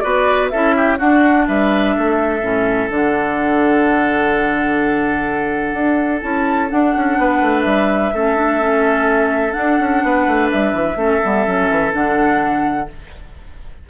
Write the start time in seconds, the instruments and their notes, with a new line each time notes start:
0.00 bassoon B3, clarinet F#4, oboe B4, flute D5
0.50 bassoon C#4, clarinet E4, oboe A4, flute E5
0.77 oboe G4
0.98 clarinet D4, bassoon D4, oboe F#4, flute F#5
1.47 bassoon G3, oboe B4, flute E5
1.96 bassoon A3, oboe A4
2.41 bassoon A2, clarinet C#4
2.90 bassoon D3, clarinet D4, flute F#5
5.74 bassoon D4
6.22 bassoon C#4, clarinet E4, flute A5
6.70 clarinet D4, bassoon D4, flute F#5
6.96 bassoon C#4
7.18 bassoon B3, oboe B4
7.42 bassoon A3
7.62 bassoon G3, flute E5
8.13 bassoon A3, clarinet C#4, oboe A4
8.36 clarinet D4
8.59 clarinet C#4
9.52 clarinet D4, bassoon D4, flute F#5
9.79 bassoon C#4
10.03 bassoon B3, oboe B4
10.27 bassoon A3
10.50 bassoon G3, flute E5
10.73 bassoon E3
10.96 bassoon A3, clarinet C#4, oboe A4
11.22 bassoon G3, clarinet B3
11.45 bassoon F#3, clarinet C#4
11.70 bassoon E3
11.92 bassoon D3, clarinet D4, flute F#5